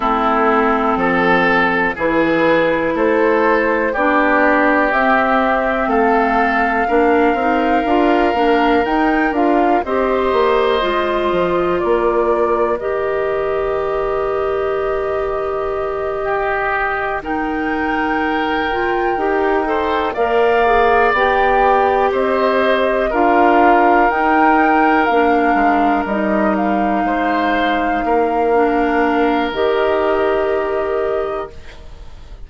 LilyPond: <<
  \new Staff \with { instrumentName = "flute" } { \time 4/4 \tempo 4 = 61 a'2 b'4 c''4 | d''4 e''4 f''2~ | f''4 g''8 f''8 dis''2 | d''4 dis''2.~ |
dis''4. g''2~ g''8~ | g''8 f''4 g''4 dis''4 f''8~ | f''8 g''4 f''4 dis''8 f''4~ | f''2 dis''2 | }
  \new Staff \with { instrumentName = "oboe" } { \time 4/4 e'4 a'4 gis'4 a'4 | g'2 a'4 ais'4~ | ais'2 c''2 | ais'1~ |
ais'8 g'4 ais'2~ ais'8 | c''8 d''2 c''4 ais'8~ | ais'2.~ ais'8 c''8~ | c''8 ais'2.~ ais'8 | }
  \new Staff \with { instrumentName = "clarinet" } { \time 4/4 c'2 e'2 | d'4 c'2 d'8 dis'8 | f'8 d'8 dis'8 f'8 g'4 f'4~ | f'4 g'2.~ |
g'4. dis'4. f'8 g'8 | a'8 ais'8 gis'8 g'2 f'8~ | f'8 dis'4 d'4 dis'4.~ | dis'4 d'4 g'2 | }
  \new Staff \with { instrumentName = "bassoon" } { \time 4/4 a4 f4 e4 a4 | b4 c'4 a4 ais8 c'8 | d'8 ais8 dis'8 d'8 c'8 ais8 gis8 f8 | ais4 dis2.~ |
dis2.~ dis8 dis'8~ | dis'8 ais4 b4 c'4 d'8~ | d'8 dis'4 ais8 gis8 g4 gis8~ | gis8 ais4. dis2 | }
>>